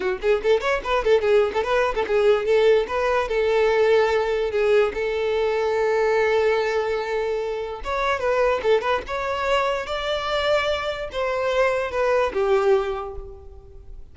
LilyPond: \new Staff \with { instrumentName = "violin" } { \time 4/4 \tempo 4 = 146 fis'8 gis'8 a'8 cis''8 b'8 a'8 gis'8. a'16 | b'8. a'16 gis'4 a'4 b'4 | a'2. gis'4 | a'1~ |
a'2. cis''4 | b'4 a'8 b'8 cis''2 | d''2. c''4~ | c''4 b'4 g'2 | }